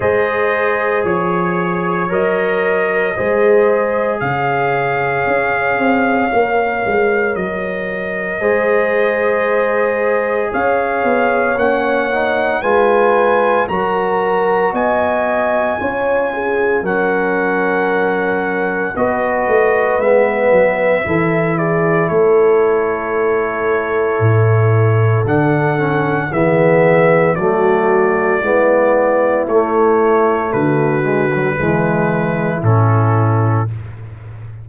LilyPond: <<
  \new Staff \with { instrumentName = "trumpet" } { \time 4/4 \tempo 4 = 57 dis''4 cis''4 dis''2 | f''2. dis''4~ | dis''2 f''4 fis''4 | gis''4 ais''4 gis''2 |
fis''2 dis''4 e''4~ | e''8 d''8 cis''2. | fis''4 e''4 d''2 | cis''4 b'2 a'4 | }
  \new Staff \with { instrumentName = "horn" } { \time 4/4 c''4 cis''2 c''4 | cis''1 | c''2 cis''2 | b'4 ais'4 dis''4 cis''8 gis'8 |
ais'2 b'2 | a'8 gis'8 a'2.~ | a'4 gis'4 fis'4 e'4~ | e'4 fis'4 e'2 | }
  \new Staff \with { instrumentName = "trombone" } { \time 4/4 gis'2 ais'4 gis'4~ | gis'2 ais'2 | gis'2. cis'8 dis'8 | f'4 fis'2 f'4 |
cis'2 fis'4 b4 | e'1 | d'8 cis'8 b4 a4 b4 | a4. gis16 fis16 gis4 cis'4 | }
  \new Staff \with { instrumentName = "tuba" } { \time 4/4 gis4 f4 fis4 gis4 | cis4 cis'8 c'8 ais8 gis8 fis4 | gis2 cis'8 b8 ais4 | gis4 fis4 b4 cis'4 |
fis2 b8 a8 gis8 fis8 | e4 a2 a,4 | d4 e4 fis4 gis4 | a4 d4 e4 a,4 | }
>>